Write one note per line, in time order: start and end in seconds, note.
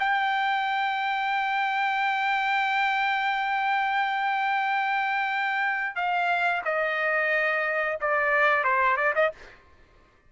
0.00 5.96 G5
5.96 6.62 F5
6.65 7.99 D#5
8.01 8.64 D5
8.64 8.97 C5
8.97 9.14 D5
9.15 9.32 D#5